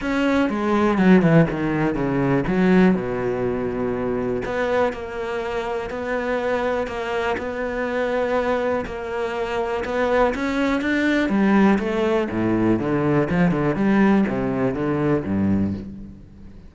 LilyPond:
\new Staff \with { instrumentName = "cello" } { \time 4/4 \tempo 4 = 122 cis'4 gis4 fis8 e8 dis4 | cis4 fis4 b,2~ | b,4 b4 ais2 | b2 ais4 b4~ |
b2 ais2 | b4 cis'4 d'4 g4 | a4 a,4 d4 f8 d8 | g4 c4 d4 g,4 | }